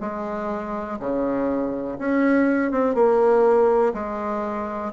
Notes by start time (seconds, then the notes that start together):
0.00 G#3
0.99 C#3
1.99 C#4
2.71 C4
2.94 A#3
3.94 G#3